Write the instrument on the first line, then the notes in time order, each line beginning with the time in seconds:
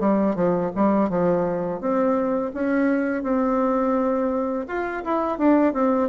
bassoon
0.00 G3
0.36 F3
0.76 G3
1.10 F3
1.81 C4
2.54 C#4
3.23 C4
4.68 F4
5.05 E4
5.39 D4
5.74 C4